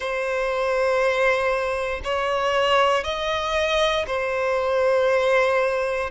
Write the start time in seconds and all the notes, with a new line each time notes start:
0.00 C5
2.03 C#5
3.04 D#5
4.07 C5